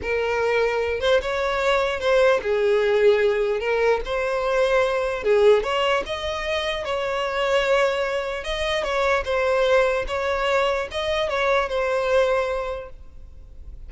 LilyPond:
\new Staff \with { instrumentName = "violin" } { \time 4/4 \tempo 4 = 149 ais'2~ ais'8 c''8 cis''4~ | cis''4 c''4 gis'2~ | gis'4 ais'4 c''2~ | c''4 gis'4 cis''4 dis''4~ |
dis''4 cis''2.~ | cis''4 dis''4 cis''4 c''4~ | c''4 cis''2 dis''4 | cis''4 c''2. | }